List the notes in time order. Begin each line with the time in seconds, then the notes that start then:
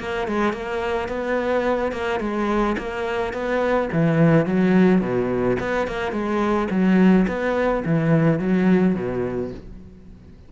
0.00 A#3
0.28 G#3
0.53 A#3
1.09 B3
1.92 A#3
2.20 G#3
2.78 A#3
3.33 B3
3.93 E3
4.46 F#3
5.01 B2
5.60 B3
5.88 A#3
6.12 G#3
6.71 F#3
7.28 B3
7.86 E3
8.39 F#3
8.95 B2